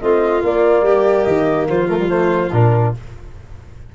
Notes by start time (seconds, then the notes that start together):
0.00 A3 C4 F4 D#5
0.42 A#3 D5
0.82 G3 G4
1.24 D#3 D#5
1.68 F3 F4 C5
1.87 A3 A#4
1.98 G3
2.08 A3 C5
2.52 A#2 D4 A#4